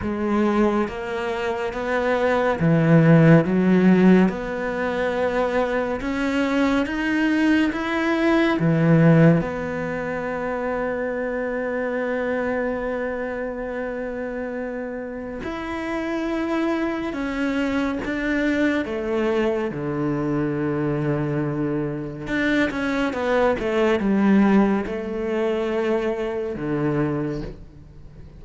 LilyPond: \new Staff \with { instrumentName = "cello" } { \time 4/4 \tempo 4 = 70 gis4 ais4 b4 e4 | fis4 b2 cis'4 | dis'4 e'4 e4 b4~ | b1~ |
b2 e'2 | cis'4 d'4 a4 d4~ | d2 d'8 cis'8 b8 a8 | g4 a2 d4 | }